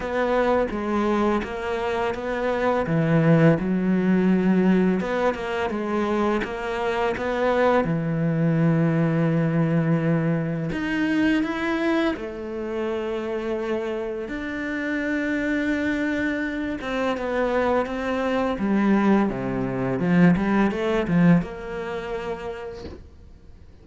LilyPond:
\new Staff \with { instrumentName = "cello" } { \time 4/4 \tempo 4 = 84 b4 gis4 ais4 b4 | e4 fis2 b8 ais8 | gis4 ais4 b4 e4~ | e2. dis'4 |
e'4 a2. | d'2.~ d'8 c'8 | b4 c'4 g4 c4 | f8 g8 a8 f8 ais2 | }